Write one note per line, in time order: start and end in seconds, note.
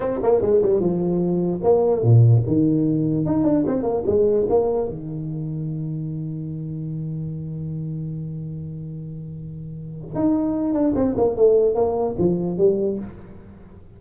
0.00 0.20 C4
0.22 0.41 A#3
0.41 0.61 G#3
0.62 0.79 G3
0.79 1.61 F3
1.63 2.02 A#3
2.02 2.43 A#2
2.46 3.25 D#3
3.25 3.44 D#4
3.44 3.64 D4
3.67 3.82 C4
3.82 4.03 A#3
4.06 4.47 G#3
4.49 4.89 A#3
4.89 10.14 D#3
10.14 10.73 D#4
10.73 10.93 D4
10.95 11.15 C4
11.17 11.36 A#3
11.36 11.74 A3
11.74 12.15 A#3
12.18 12.57 F3
12.57 12.98 G3